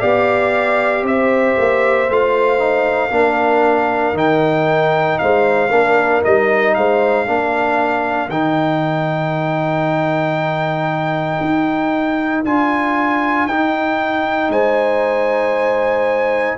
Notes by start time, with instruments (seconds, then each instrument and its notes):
0.00 tuba B3, trombone G4, horn D5, trumpet F5
1.03 tuba C4, horn C5, trumpet E5
1.58 tuba A#3
2.09 tuba A3, trombone F4, trumpet F5
2.58 trombone D#4
3.10 tuba A#3, trombone D4, horn A#4
4.13 tuba D#3, trombone D#4, trumpet G5
5.18 tuba G#3, horn C5, trumpet F5
5.70 tuba A#3, trombone D4, horn A#4
6.22 tuba G3, trombone D#4, trumpet D#5
6.74 tuba G#3, horn C5, trumpet F5
7.26 tuba A#3, trombone D4, horn A#4
8.28 tuba D#3, trombone D#4, trumpet G5
11.40 tuba D#4
12.44 tuba D4, trombone F4, trumpet G#5
13.46 tuba D#4, trombone D#4, trumpet G5
14.49 tuba G#3, horn C5, trumpet G#5